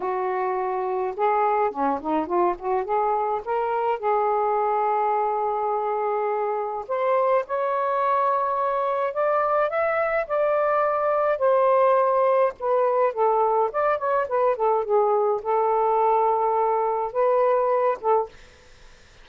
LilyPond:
\new Staff \with { instrumentName = "saxophone" } { \time 4/4 \tempo 4 = 105 fis'2 gis'4 cis'8 dis'8 | f'8 fis'8 gis'4 ais'4 gis'4~ | gis'1 | c''4 cis''2. |
d''4 e''4 d''2 | c''2 b'4 a'4 | d''8 cis''8 b'8 a'8 gis'4 a'4~ | a'2 b'4. a'8 | }